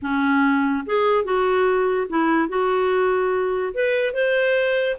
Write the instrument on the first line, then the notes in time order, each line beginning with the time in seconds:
clarinet
0.02 C#4
0.85 G#4
1.24 F#4
2.09 E4
2.48 F#4
3.74 B4
4.13 C5